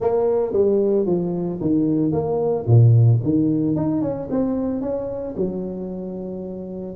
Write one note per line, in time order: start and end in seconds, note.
0.00 0.52 A#3
0.52 1.05 G3
1.05 1.59 F3
1.60 2.12 D#3
2.12 2.65 A#3
2.66 3.20 A#2
3.23 3.75 D#3
3.75 4.01 D#4
4.01 4.28 C#4
4.30 4.81 C4
4.81 5.34 C#4
5.36 6.96 F#3